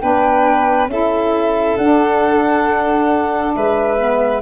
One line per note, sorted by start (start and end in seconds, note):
0.00 0.87 B3
0.00 0.88 D4
0.00 0.90 B4
0.00 0.88 G5
0.87 1.75 C#4
0.87 1.77 E4
0.87 3.55 A4
0.87 1.77 E5
1.77 3.54 D4
1.77 3.97 D4
1.77 3.53 F#5
3.54 4.41 G#3
3.54 4.41 B4
3.54 4.41 E5
3.97 4.41 B3